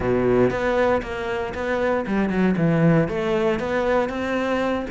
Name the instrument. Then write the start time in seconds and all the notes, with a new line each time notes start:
cello
0.00 B2
0.50 B3
1.02 A#3
1.54 B3
2.07 G3
2.29 F#3
2.57 E3
3.08 A3
3.59 B3
4.09 C4